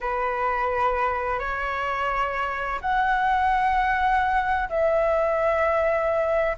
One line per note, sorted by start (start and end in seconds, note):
0.01 1.39 B4
1.39 2.80 C#5
2.81 4.69 F#5
4.69 6.56 E5